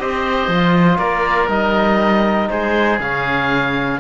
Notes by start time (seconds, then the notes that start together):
0.00 C4 G4 C5 D#5
0.48 F3 F4
0.98 A#3 A#4 D5
1.48 G3 D#4 D#5
2.50 G#3 G#4 C5
2.99 C#3 C#4 F5